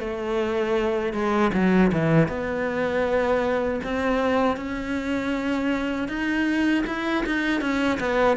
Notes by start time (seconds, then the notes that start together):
0.00 A3
1.13 G#3
1.54 F#3
1.93 E3
2.29 B3
3.84 C4
4.57 C#4
6.09 D#4
6.87 E4
7.26 D#4
7.61 C#4
8.00 B3